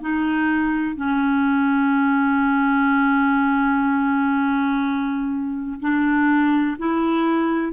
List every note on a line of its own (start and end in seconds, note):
0.00 0.95 D#4
0.95 5.79 C#4
5.80 6.77 D4
6.78 7.72 E4